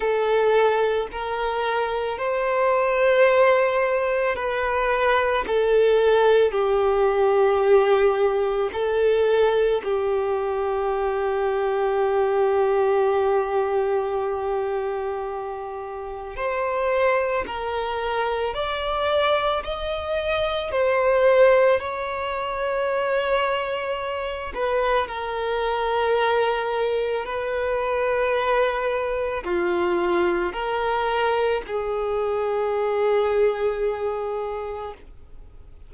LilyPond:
\new Staff \with { instrumentName = "violin" } { \time 4/4 \tempo 4 = 55 a'4 ais'4 c''2 | b'4 a'4 g'2 | a'4 g'2.~ | g'2. c''4 |
ais'4 d''4 dis''4 c''4 | cis''2~ cis''8 b'8 ais'4~ | ais'4 b'2 f'4 | ais'4 gis'2. | }